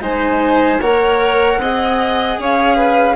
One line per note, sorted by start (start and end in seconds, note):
0.00 0.79 G#3
0.00 0.79 D#4
0.00 0.80 C5
0.00 0.81 G#5
0.80 1.58 A#3
0.80 1.60 A#4
0.80 1.59 C#5
0.80 2.38 F#5
1.58 2.37 C4
1.58 3.16 G#4
1.58 2.39 D#5
2.38 3.16 C#4
2.38 2.75 C#5
2.38 3.16 F5
2.75 3.15 B4